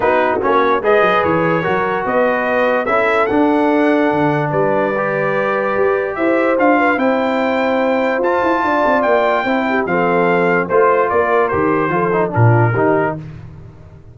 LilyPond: <<
  \new Staff \with { instrumentName = "trumpet" } { \time 4/4 \tempo 4 = 146 b'4 cis''4 dis''4 cis''4~ | cis''4 dis''2 e''4 | fis''2. d''4~ | d''2. e''4 |
f''4 g''2. | a''2 g''2 | f''2 c''4 d''4 | c''2 ais'2 | }
  \new Staff \with { instrumentName = "horn" } { \time 4/4 fis'2 b'2 | ais'4 b'2 a'4~ | a'2. b'4~ | b'2. c''4~ |
c''8 b'8 c''2.~ | c''4 d''2 c''8 g'8 | a'2 c''4 ais'4~ | ais'4 a'4 f'4 g'4 | }
  \new Staff \with { instrumentName = "trombone" } { \time 4/4 dis'4 cis'4 gis'2 | fis'2. e'4 | d'1 | g'1 |
f'4 e'2. | f'2. e'4 | c'2 f'2 | g'4 f'8 dis'8 d'4 dis'4 | }
  \new Staff \with { instrumentName = "tuba" } { \time 4/4 b4 ais4 gis8 fis8 e4 | fis4 b2 cis'4 | d'2 d4 g4~ | g2 g'4 e'4 |
d'4 c'2. | f'8 e'8 d'8 c'8 ais4 c'4 | f2 a4 ais4 | dis4 f4 ais,4 dis4 | }
>>